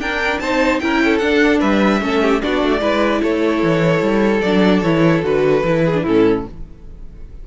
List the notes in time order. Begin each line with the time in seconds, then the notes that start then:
0.00 D4 A#4 G5
0.40 C4 D#4 C5 A5
0.80 C#4 E4 A#4 G5
1.05 A4
1.19 D4 F#5
1.61 G3 B4 E5
2.02 A3 C#4 A4
2.22 G4
2.42 B3 D4 F#4 D5
2.63 A3
2.81 G#3 E4 B4
3.23 A3 A4 C#5
3.63 E3
4.02 G3
4.42 F#3 D4 D5
4.82 E3 E4 C#5
5.23 D3 F#4 B4
5.64 E3 E4
5.85 G#4
5.95 D4
6.04 A2 C#4 E4 A4